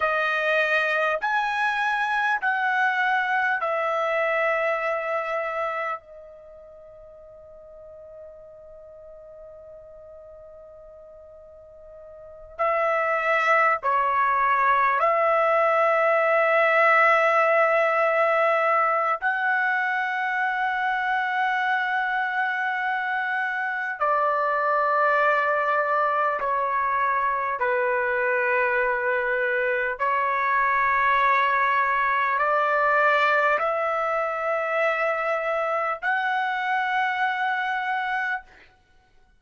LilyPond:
\new Staff \with { instrumentName = "trumpet" } { \time 4/4 \tempo 4 = 50 dis''4 gis''4 fis''4 e''4~ | e''4 dis''2.~ | dis''2~ dis''8 e''4 cis''8~ | cis''8 e''2.~ e''8 |
fis''1 | d''2 cis''4 b'4~ | b'4 cis''2 d''4 | e''2 fis''2 | }